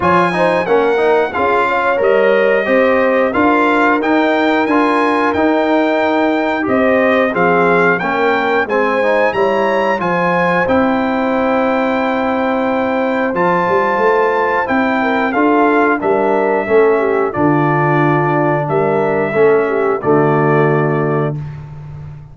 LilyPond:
<<
  \new Staff \with { instrumentName = "trumpet" } { \time 4/4 \tempo 4 = 90 gis''4 fis''4 f''4 dis''4~ | dis''4 f''4 g''4 gis''4 | g''2 dis''4 f''4 | g''4 gis''4 ais''4 gis''4 |
g''1 | a''2 g''4 f''4 | e''2 d''2 | e''2 d''2 | }
  \new Staff \with { instrumentName = "horn" } { \time 4/4 cis''8 c''8 ais'4 gis'8 cis''4. | c''4 ais'2.~ | ais'2 c''4 gis'4 | ais'4 c''4 cis''4 c''4~ |
c''1~ | c''2~ c''8 ais'8 a'4 | ais'4 a'8 g'8 f'2 | ais'4 a'8 g'8 fis'2 | }
  \new Staff \with { instrumentName = "trombone" } { \time 4/4 f'8 dis'8 cis'8 dis'8 f'4 ais'4 | g'4 f'4 dis'4 f'4 | dis'2 g'4 c'4 | cis'4 c'8 dis'8 e'4 f'4 |
e'1 | f'2 e'4 f'4 | d'4 cis'4 d'2~ | d'4 cis'4 a2 | }
  \new Staff \with { instrumentName = "tuba" } { \time 4/4 f4 ais4 cis'4 g4 | c'4 d'4 dis'4 d'4 | dis'2 c'4 f4 | ais4 gis4 g4 f4 |
c'1 | f8 g8 a4 c'4 d'4 | g4 a4 d2 | g4 a4 d2 | }
>>